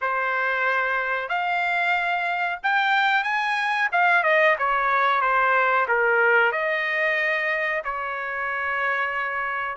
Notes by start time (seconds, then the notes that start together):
0.01 C5
1.28 F5
2.63 G5
3.23 G#5
3.92 F5
4.23 D#5
4.58 C#5
5.21 C5
5.88 A#4
6.52 D#5
7.84 C#5